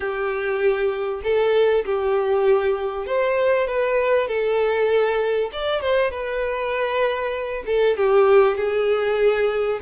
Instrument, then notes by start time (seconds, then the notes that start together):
violin
0.00 G4
1.23 A4
1.85 G4
3.06 C5
3.67 B4
4.27 A4
5.52 D5
5.81 C5
6.10 B4
7.66 A4
7.96 G4
8.57 G#4